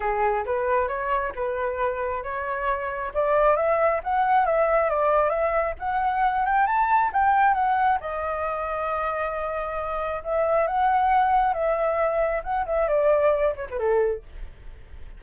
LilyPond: \new Staff \with { instrumentName = "flute" } { \time 4/4 \tempo 4 = 135 gis'4 b'4 cis''4 b'4~ | b'4 cis''2 d''4 | e''4 fis''4 e''4 d''4 | e''4 fis''4. g''8 a''4 |
g''4 fis''4 dis''2~ | dis''2. e''4 | fis''2 e''2 | fis''8 e''8 d''4. cis''16 b'16 a'4 | }